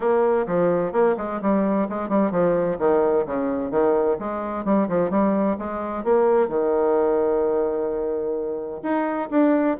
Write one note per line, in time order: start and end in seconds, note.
0.00 0.46 A#3
0.46 0.92 F3
0.92 1.15 A#3
1.17 1.40 G#3
1.41 1.88 G3
1.89 2.08 G#3
2.08 2.31 G3
2.31 2.77 F3
2.78 3.25 D#3
3.26 3.70 C#3
3.70 4.17 D#3
4.19 4.64 G#3
4.64 4.88 G3
4.88 5.10 F3
5.10 5.56 G3
5.58 6.04 G#3
6.04 6.48 A#3
6.48 8.81 D#3
8.82 9.29 D#4
9.30 9.77 D4